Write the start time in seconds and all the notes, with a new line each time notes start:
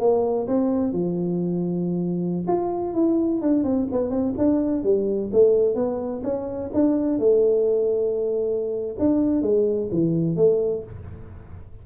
0.00 A#3
0.48 C4
0.93 F3
2.48 F4
2.94 E4
3.42 D4
3.64 C4
3.92 B3
4.10 C4
4.38 D4
4.84 G3
5.33 A3
5.75 B3
6.23 C#4
6.74 D4
7.19 A3
8.99 D4
9.42 G#3
9.91 E3
10.36 A3